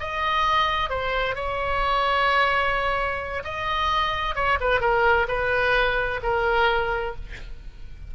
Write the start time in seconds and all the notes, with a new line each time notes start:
0.00 D#5
0.90 C5
1.36 C#5
3.44 D#5
4.35 C#5
4.60 B4
4.81 A#4
5.28 B4
6.23 A#4